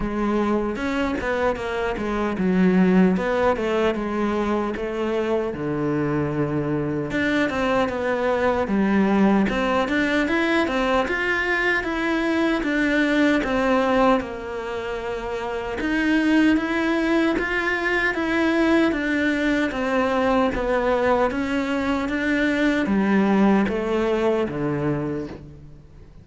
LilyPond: \new Staff \with { instrumentName = "cello" } { \time 4/4 \tempo 4 = 76 gis4 cis'8 b8 ais8 gis8 fis4 | b8 a8 gis4 a4 d4~ | d4 d'8 c'8 b4 g4 | c'8 d'8 e'8 c'8 f'4 e'4 |
d'4 c'4 ais2 | dis'4 e'4 f'4 e'4 | d'4 c'4 b4 cis'4 | d'4 g4 a4 d4 | }